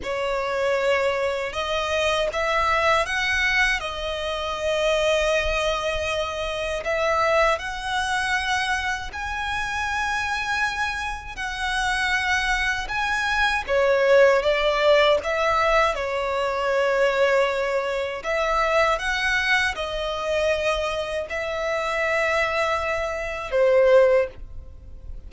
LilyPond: \new Staff \with { instrumentName = "violin" } { \time 4/4 \tempo 4 = 79 cis''2 dis''4 e''4 | fis''4 dis''2.~ | dis''4 e''4 fis''2 | gis''2. fis''4~ |
fis''4 gis''4 cis''4 d''4 | e''4 cis''2. | e''4 fis''4 dis''2 | e''2. c''4 | }